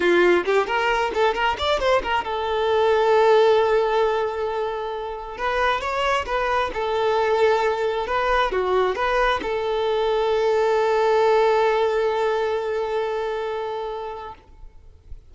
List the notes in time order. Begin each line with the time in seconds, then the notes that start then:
0.00 F4
0.45 G4
0.66 A#4
1.14 A4
1.34 A#4
1.58 D5
1.79 C5
2.02 A#4
2.24 A4
5.37 B4
5.80 C#5
6.26 B4
6.73 A4
8.06 B4
8.51 F#4
8.95 B4
9.42 A4